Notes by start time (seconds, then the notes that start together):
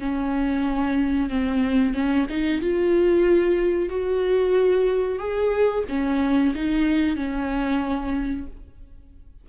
0.00 C#4
1.30 C4
1.94 C#4
2.30 D#4
2.62 F4
3.90 F#4
5.19 G#4
5.89 C#4
6.55 D#4
7.16 C#4